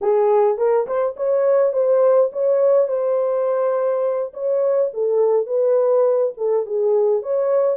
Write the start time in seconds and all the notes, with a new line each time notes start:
0.01 G#4
0.57 A#4
0.86 C5
1.16 C#5
1.72 C5
2.32 C#5
2.88 C5
4.33 C#5
4.93 A4
5.46 B4
6.37 A4
6.66 G#4
7.22 C#5